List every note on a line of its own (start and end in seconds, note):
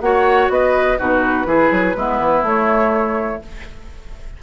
0.00 0.48 A#3
0.00 0.98 F#4
0.00 0.52 C#5
0.00 0.49 F#5
0.49 0.97 B3
0.49 0.97 B4
0.49 0.98 D#5
0.97 1.46 B2
0.97 1.45 D#4
0.97 1.46 F#4
0.97 2.44 B4
1.45 1.70 E3
1.45 1.94 E4
1.45 1.96 G#4
1.71 1.95 F#3
1.95 2.19 G#3
1.95 2.45 B3
1.95 3.42 E4
2.20 2.42 E3
2.42 3.39 A3
2.42 3.42 A3
2.42 3.42 C#5